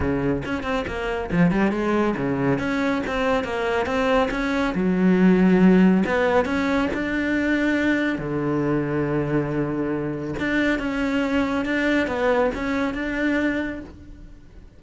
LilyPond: \new Staff \with { instrumentName = "cello" } { \time 4/4 \tempo 4 = 139 cis4 cis'8 c'8 ais4 f8 g8 | gis4 cis4 cis'4 c'4 | ais4 c'4 cis'4 fis4~ | fis2 b4 cis'4 |
d'2. d4~ | d1 | d'4 cis'2 d'4 | b4 cis'4 d'2 | }